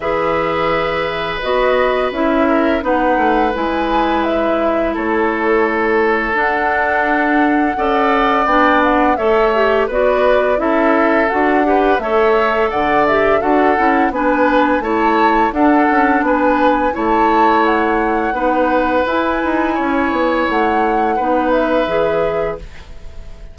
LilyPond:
<<
  \new Staff \with { instrumentName = "flute" } { \time 4/4 \tempo 4 = 85 e''2 dis''4 e''4 | fis''4 gis''4 e''4 cis''4~ | cis''4 fis''2. | g''8 fis''8 e''4 d''4 e''4 |
fis''4 e''4 fis''8 e''8 fis''4 | gis''4 a''4 fis''4 gis''4 | a''4 fis''2 gis''4~ | gis''4 fis''4. e''4. | }
  \new Staff \with { instrumentName = "oboe" } { \time 4/4 b'2.~ b'8 ais'8 | b'2. a'4~ | a'2. d''4~ | d''4 cis''4 b'4 a'4~ |
a'8 b'8 cis''4 d''4 a'4 | b'4 cis''4 a'4 b'4 | cis''2 b'2 | cis''2 b'2 | }
  \new Staff \with { instrumentName = "clarinet" } { \time 4/4 gis'2 fis'4 e'4 | dis'4 e'2.~ | e'4 d'2 a'4 | d'4 a'8 g'8 fis'4 e'4 |
fis'8 g'8 a'4. g'8 fis'8 e'8 | d'4 e'4 d'2 | e'2 dis'4 e'4~ | e'2 dis'4 gis'4 | }
  \new Staff \with { instrumentName = "bassoon" } { \time 4/4 e2 b4 cis'4 | b8 a8 gis2 a4~ | a4 d'2 cis'4 | b4 a4 b4 cis'4 |
d'4 a4 d4 d'8 cis'8 | b4 a4 d'8 cis'8 b4 | a2 b4 e'8 dis'8 | cis'8 b8 a4 b4 e4 | }
>>